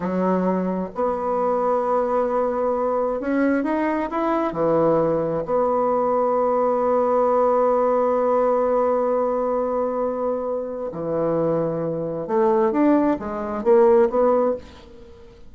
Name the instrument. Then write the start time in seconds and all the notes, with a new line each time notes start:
bassoon
0.00 F#3
0.94 B3
3.20 C#4
3.63 D#4
4.10 E4
4.52 E3
5.45 B3
10.92 E3
12.27 A3
12.71 D4
13.19 G#3
13.63 A#3
14.09 B3